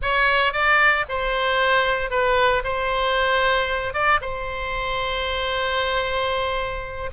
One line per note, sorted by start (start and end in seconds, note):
0.02 0.52 C#5
0.52 1.05 D5
1.08 2.10 C5
2.10 2.62 B4
2.63 3.93 C5
3.93 4.20 D5
4.21 7.10 C5